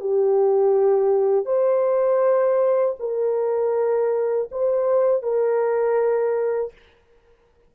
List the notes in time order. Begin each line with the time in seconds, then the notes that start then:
0.00 G4
1.45 C5
2.99 A#4
4.51 C5
5.23 A#4